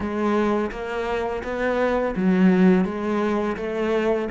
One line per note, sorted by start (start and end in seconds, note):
0.00 0.70 G#3
0.71 1.43 A#3
1.43 2.15 B3
2.16 2.84 F#3
2.84 3.56 G#3
3.56 4.28 A3